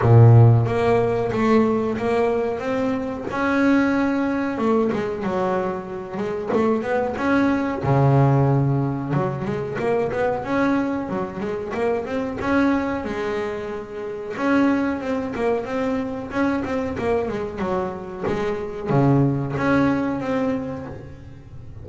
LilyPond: \new Staff \with { instrumentName = "double bass" } { \time 4/4 \tempo 4 = 92 ais,4 ais4 a4 ais4 | c'4 cis'2 a8 gis8 | fis4. gis8 a8 b8 cis'4 | cis2 fis8 gis8 ais8 b8 |
cis'4 fis8 gis8 ais8 c'8 cis'4 | gis2 cis'4 c'8 ais8 | c'4 cis'8 c'8 ais8 gis8 fis4 | gis4 cis4 cis'4 c'4 | }